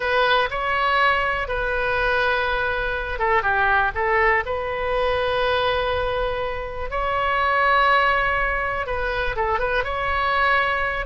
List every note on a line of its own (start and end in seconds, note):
0.00 0.49 B4
0.50 1.48 C#5
1.48 3.19 B4
3.19 3.42 A4
3.42 3.91 G4
3.94 4.44 A4
4.45 6.90 B4
6.90 8.86 C#5
8.86 9.35 B4
9.36 9.59 A4
9.59 9.84 B4
9.84 11.05 C#5